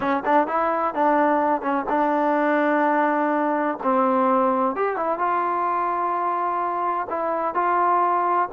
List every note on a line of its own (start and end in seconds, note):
0.00 0.23 C#4
0.25 0.47 D4
0.47 0.94 E4
0.94 1.61 D4
1.61 1.85 C#4
1.89 3.78 D4
3.83 4.75 C4
4.75 4.96 G4
4.96 5.18 E4
5.18 7.07 F4
7.09 7.54 E4
7.54 8.48 F4